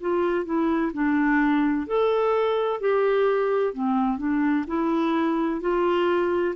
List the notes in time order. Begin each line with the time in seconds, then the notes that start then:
0.00 F4
0.45 E4
0.93 D4
1.87 A4
2.80 G4
3.73 C4
4.18 D4
4.67 E4
5.61 F4